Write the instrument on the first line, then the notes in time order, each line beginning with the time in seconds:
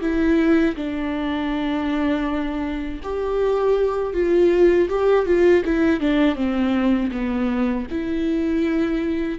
viola
0.00 E4
0.75 D4
3.02 G4
4.13 F4
4.89 G4
5.25 F4
5.65 E4
6.00 D4
6.35 C4
7.11 B3
7.90 E4